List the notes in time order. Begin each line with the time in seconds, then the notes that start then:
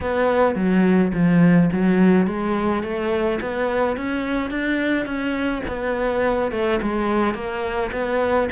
0.00 B3
0.55 F#3
1.13 F3
1.72 F#3
2.26 G#3
2.83 A3
3.41 B3
3.96 C#4
4.50 D4
5.05 C#4
5.67 B3
6.51 A3
6.82 G#3
7.34 A#3
7.92 B3